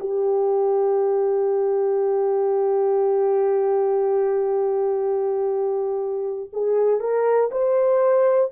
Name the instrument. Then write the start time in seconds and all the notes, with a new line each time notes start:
horn
0.00 G4
6.53 G#4
7.00 A#4
7.51 C5